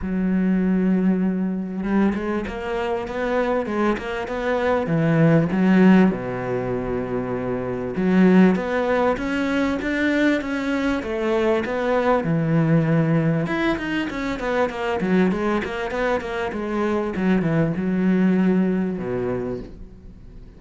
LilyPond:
\new Staff \with { instrumentName = "cello" } { \time 4/4 \tempo 4 = 98 fis2. g8 gis8 | ais4 b4 gis8 ais8 b4 | e4 fis4 b,2~ | b,4 fis4 b4 cis'4 |
d'4 cis'4 a4 b4 | e2 e'8 dis'8 cis'8 b8 | ais8 fis8 gis8 ais8 b8 ais8 gis4 | fis8 e8 fis2 b,4 | }